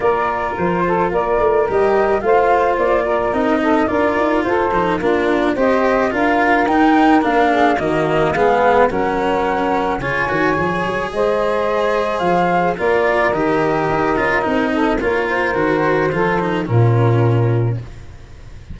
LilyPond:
<<
  \new Staff \with { instrumentName = "flute" } { \time 4/4 \tempo 4 = 108 d''4 c''4 d''4 dis''4 | f''4 d''4 dis''4 d''4 | c''4 ais'4 dis''4 f''4 | g''4 f''4 dis''4 f''4 |
fis''2 gis''2 | dis''2 f''4 d''4 | dis''2. cis''8 c''8~ | c''2 ais'2 | }
  \new Staff \with { instrumentName = "saxophone" } { \time 4/4 ais'4. a'8 ais'2 | c''4. ais'4 a'8 ais'4 | a'4 f'4 c''4 ais'4~ | ais'4. gis'8 fis'4 gis'4 |
ais'2 cis''2 | c''2. ais'4~ | ais'2~ ais'8 a'8 ais'4~ | ais'4 a'4 f'2 | }
  \new Staff \with { instrumentName = "cello" } { \time 4/4 f'2. g'4 | f'2 dis'4 f'4~ | f'8 dis'8 d'4 g'4 f'4 | dis'4 d'4 ais4 b4 |
cis'2 f'8 fis'8 gis'4~ | gis'2. f'4 | g'4. f'8 dis'4 f'4 | fis'4 f'8 dis'8 cis'2 | }
  \new Staff \with { instrumentName = "tuba" } { \time 4/4 ais4 f4 ais8 a8 g4 | a4 ais4 c'4 d'8 dis'8 | f'8 f8 ais4 c'4 d'4 | dis'4 ais4 dis4 gis4 |
fis2 cis8 dis8 f8 fis8 | gis2 f4 ais4 | dis4 dis'8 cis'8 c'4 ais4 | dis4 f4 ais,2 | }
>>